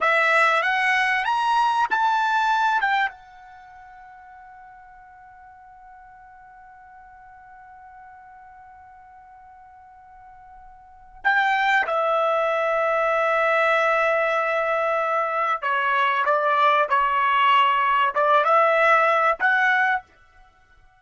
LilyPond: \new Staff \with { instrumentName = "trumpet" } { \time 4/4 \tempo 4 = 96 e''4 fis''4 ais''4 a''4~ | a''8 g''8 fis''2.~ | fis''1~ | fis''1~ |
fis''2 g''4 e''4~ | e''1~ | e''4 cis''4 d''4 cis''4~ | cis''4 d''8 e''4. fis''4 | }